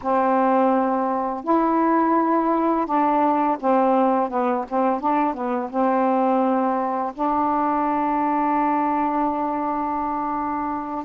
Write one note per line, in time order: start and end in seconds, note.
0.01 1.44 C4
1.44 2.86 E4
2.86 3.57 D4
3.59 4.29 C4
4.29 4.65 B3
4.68 5.00 C4
5.00 5.34 D4
5.34 5.69 B3
5.69 7.12 C4
7.14 11.05 D4